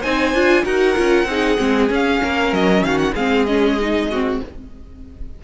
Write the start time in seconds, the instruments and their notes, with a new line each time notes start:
0.00 cello C4, viola D#4, violin C5 G#5
0.34 cello D4, viola F4
0.65 cello D#4, viola F#4, violin A#4 F#5
0.96 cello C#4, viola F4
1.26 cello C4, viola D#4, violin G#4
1.58 cello G#3, viola C4
1.89 viola C#4, cello C#4, violin F5
2.23 cello A#3, violin A#4
2.53 cello F#3, violin D#5
2.82 cello D#3, violin F#4 F5
2.98 violin F#5
3.14 cello G#3, viola C4, violin G#4 F5
3.46 viola C#4, violin D#5
3.81 viola D#4
4.11 viola C4, violin F#4